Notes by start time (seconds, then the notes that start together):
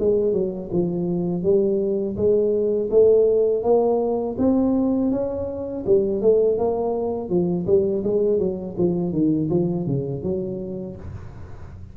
0.00 G#3
0.33 F#3
0.72 F3
1.43 G3
2.17 G#3
2.91 A3
3.63 A#3
4.38 C4
5.12 C#4
5.86 G3
6.22 A3
6.59 A#3
7.30 F3
7.67 G3
8.04 G#3
8.39 F#3
8.78 F3
9.13 D#3
9.51 F3
9.87 C#3
10.23 F#3